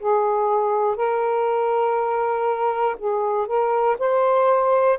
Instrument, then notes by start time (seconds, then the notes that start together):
saxophone
0.00 G#4
0.96 A#4
2.99 G#4
3.47 A#4
3.99 C5